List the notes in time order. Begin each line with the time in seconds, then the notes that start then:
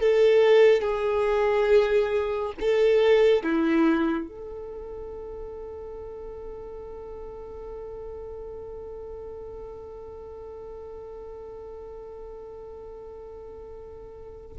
0.00 A4
0.81 G#4
2.60 A4
3.43 E4
4.28 A4